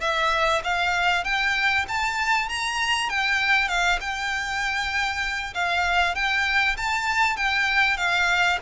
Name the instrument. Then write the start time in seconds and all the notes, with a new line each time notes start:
violin
0.00 E5
0.63 F5
1.24 G5
1.88 A5
2.49 A#5
3.09 G5
3.68 F5
4.00 G5
5.54 F5
6.15 G5
6.77 A5
7.36 G5
7.97 F5